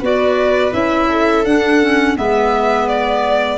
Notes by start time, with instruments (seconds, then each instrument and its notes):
0.00 tuba B3, clarinet F#4, viola B4, violin D5
0.72 tuba C#4, clarinet E4, violin E5
1.10 viola A4
1.45 tuba D4, clarinet D4, violin F#5
1.82 clarinet C#4
2.17 tuba G#3, clarinet B3, viola B4, violin E5
2.88 violin D5